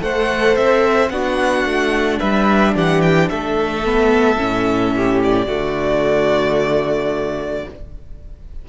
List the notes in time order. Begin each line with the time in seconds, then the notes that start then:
0.00 A3 A4 C5 F#5
0.57 C4 E5
1.10 B3 D4 F#4 F#5
1.65 A3
2.20 G3 B4 E5
2.75 E3 G4 F#5
3.02 G5
3.29 A3 A4 E5
3.85 B3
4.38 A2 C#4
4.96 G4
5.23 D5
5.47 D3 A3 F#4